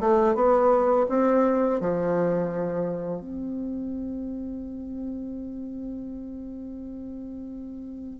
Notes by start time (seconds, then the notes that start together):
0.00 A3
0.35 B3
1.09 C4
1.81 F3
3.21 C4